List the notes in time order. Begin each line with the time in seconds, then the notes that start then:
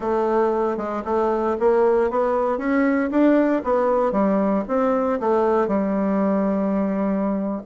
0.00 A3
0.77 G#3
1.05 A3
1.59 A#3
2.10 B3
2.58 C#4
3.10 D4
3.64 B3
4.12 G3
4.68 C4
5.20 A3
5.67 G3